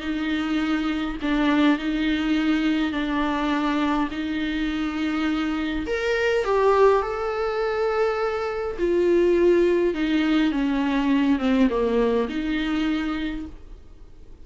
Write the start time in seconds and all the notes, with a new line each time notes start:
0.00 D#4
1.22 D4
1.78 D#4
2.92 D4
4.11 D#4
5.86 A#4
6.44 G4
7.02 A4
8.79 F4
9.94 D#4
10.51 C#4
11.39 C4
11.70 A#3
12.29 D#4